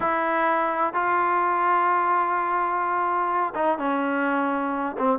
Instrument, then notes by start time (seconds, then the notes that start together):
trombone
0.00 E4
0.93 F4
3.55 D#4
3.78 C#4
4.98 C4